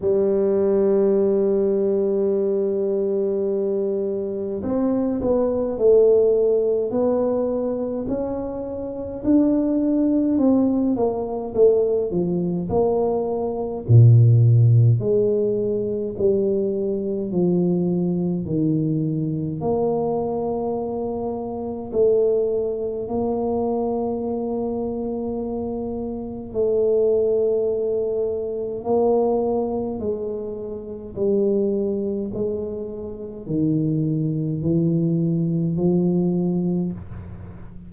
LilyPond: \new Staff \with { instrumentName = "tuba" } { \time 4/4 \tempo 4 = 52 g1 | c'8 b8 a4 b4 cis'4 | d'4 c'8 ais8 a8 f8 ais4 | ais,4 gis4 g4 f4 |
dis4 ais2 a4 | ais2. a4~ | a4 ais4 gis4 g4 | gis4 dis4 e4 f4 | }